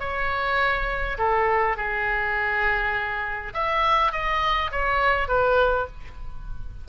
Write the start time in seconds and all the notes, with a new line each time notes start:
0.00 C#5
1.18 A4
1.77 G#4
3.54 E5
4.13 D#5
4.72 C#5
5.28 B4